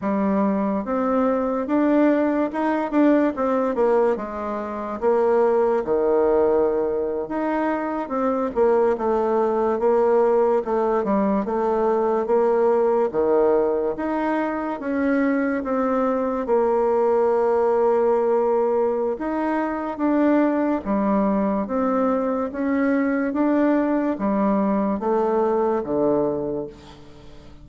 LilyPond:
\new Staff \with { instrumentName = "bassoon" } { \time 4/4 \tempo 4 = 72 g4 c'4 d'4 dis'8 d'8 | c'8 ais8 gis4 ais4 dis4~ | dis8. dis'4 c'8 ais8 a4 ais16~ | ais8. a8 g8 a4 ais4 dis16~ |
dis8. dis'4 cis'4 c'4 ais16~ | ais2. dis'4 | d'4 g4 c'4 cis'4 | d'4 g4 a4 d4 | }